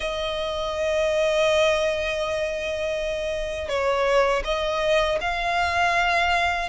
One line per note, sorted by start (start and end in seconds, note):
0.00 3.68 D#5
3.68 4.42 C#5
4.44 5.18 D#5
5.20 6.68 F5